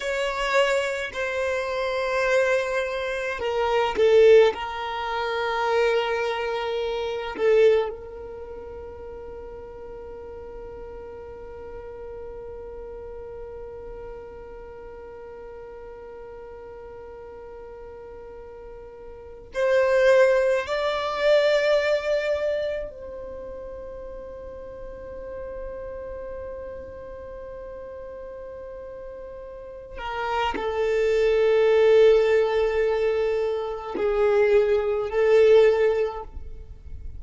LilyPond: \new Staff \with { instrumentName = "violin" } { \time 4/4 \tempo 4 = 53 cis''4 c''2 ais'8 a'8 | ais'2~ ais'8 a'8 ais'4~ | ais'1~ | ais'1~ |
ais'4~ ais'16 c''4 d''4.~ d''16~ | d''16 c''2.~ c''8.~ | c''2~ c''8 ais'8 a'4~ | a'2 gis'4 a'4 | }